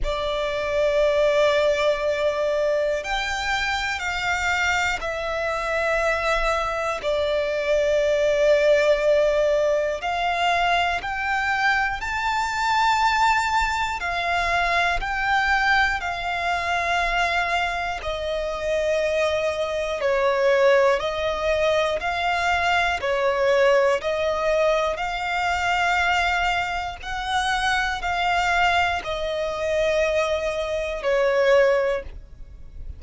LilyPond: \new Staff \with { instrumentName = "violin" } { \time 4/4 \tempo 4 = 60 d''2. g''4 | f''4 e''2 d''4~ | d''2 f''4 g''4 | a''2 f''4 g''4 |
f''2 dis''2 | cis''4 dis''4 f''4 cis''4 | dis''4 f''2 fis''4 | f''4 dis''2 cis''4 | }